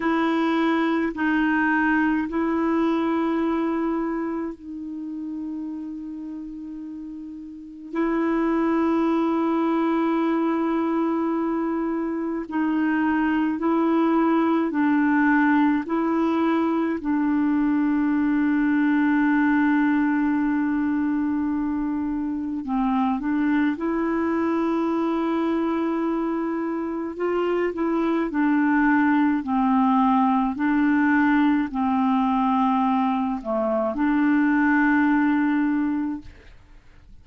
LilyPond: \new Staff \with { instrumentName = "clarinet" } { \time 4/4 \tempo 4 = 53 e'4 dis'4 e'2 | dis'2. e'4~ | e'2. dis'4 | e'4 d'4 e'4 d'4~ |
d'1 | c'8 d'8 e'2. | f'8 e'8 d'4 c'4 d'4 | c'4. a8 d'2 | }